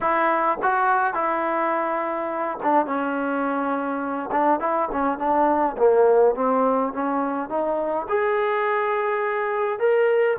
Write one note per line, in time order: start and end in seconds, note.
0.00 0.58 E4
0.62 1.14 F#4
1.14 2.58 E4
2.62 2.86 D4
2.86 4.30 C#4
4.31 4.60 D4
4.60 4.89 E4
4.92 5.18 C#4
5.18 5.76 D4
5.77 6.35 A#3
6.35 6.93 C4
6.93 7.49 C#4
7.49 8.06 D#4
8.08 9.79 G#4
9.79 10.37 A#4